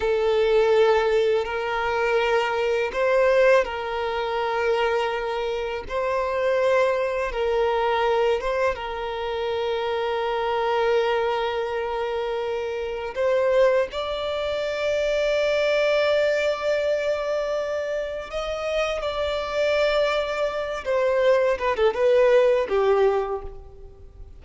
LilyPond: \new Staff \with { instrumentName = "violin" } { \time 4/4 \tempo 4 = 82 a'2 ais'2 | c''4 ais'2. | c''2 ais'4. c''8 | ais'1~ |
ais'2 c''4 d''4~ | d''1~ | d''4 dis''4 d''2~ | d''8 c''4 b'16 a'16 b'4 g'4 | }